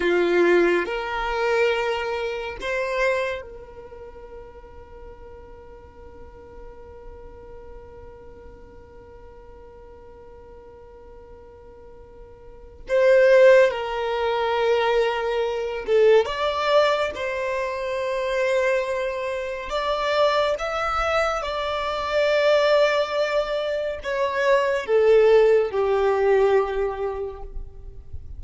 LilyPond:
\new Staff \with { instrumentName = "violin" } { \time 4/4 \tempo 4 = 70 f'4 ais'2 c''4 | ais'1~ | ais'1~ | ais'2. c''4 |
ais'2~ ais'8 a'8 d''4 | c''2. d''4 | e''4 d''2. | cis''4 a'4 g'2 | }